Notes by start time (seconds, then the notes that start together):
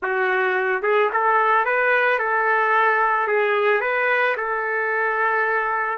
0.02 F#4
0.82 G#4
1.12 A4
1.65 B4
2.18 A4
3.27 G#4
3.81 B4
4.36 A4